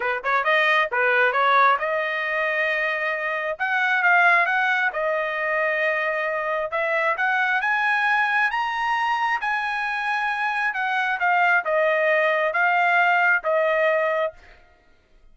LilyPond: \new Staff \with { instrumentName = "trumpet" } { \time 4/4 \tempo 4 = 134 b'8 cis''8 dis''4 b'4 cis''4 | dis''1 | fis''4 f''4 fis''4 dis''4~ | dis''2. e''4 |
fis''4 gis''2 ais''4~ | ais''4 gis''2. | fis''4 f''4 dis''2 | f''2 dis''2 | }